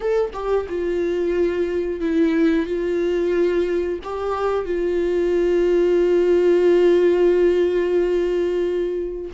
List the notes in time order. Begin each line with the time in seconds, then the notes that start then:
0.00 A4
0.33 G4
0.68 F4
2.00 E4
2.65 F4
4.03 G4
4.65 F4